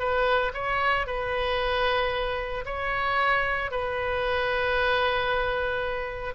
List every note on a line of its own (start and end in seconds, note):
0.00 0.53 B4
0.54 1.07 C#5
1.07 2.65 B4
2.66 3.71 C#5
3.72 6.35 B4